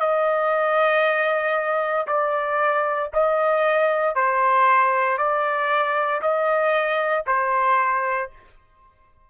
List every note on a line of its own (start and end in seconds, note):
0.00 2.07 D#5
2.07 3.11 D5
3.14 4.16 D#5
4.16 5.18 C5
5.18 6.21 D5
6.22 7.26 D#5
7.27 8.30 C5